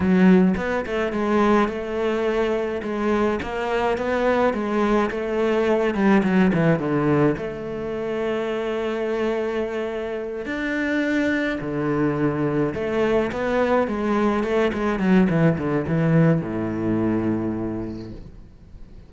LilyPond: \new Staff \with { instrumentName = "cello" } { \time 4/4 \tempo 4 = 106 fis4 b8 a8 gis4 a4~ | a4 gis4 ais4 b4 | gis4 a4. g8 fis8 e8 | d4 a2.~ |
a2~ a8 d'4.~ | d'8 d2 a4 b8~ | b8 gis4 a8 gis8 fis8 e8 d8 | e4 a,2. | }